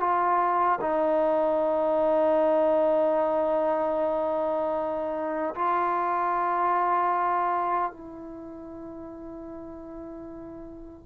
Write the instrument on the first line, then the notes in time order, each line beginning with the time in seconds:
trombone
0.00 F4
0.81 D#4
5.54 F4
7.91 E4